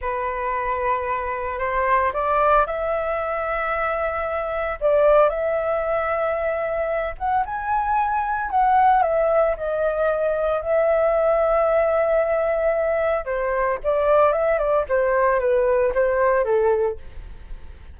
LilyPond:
\new Staff \with { instrumentName = "flute" } { \time 4/4 \tempo 4 = 113 b'2. c''4 | d''4 e''2.~ | e''4 d''4 e''2~ | e''4. fis''8 gis''2 |
fis''4 e''4 dis''2 | e''1~ | e''4 c''4 d''4 e''8 d''8 | c''4 b'4 c''4 a'4 | }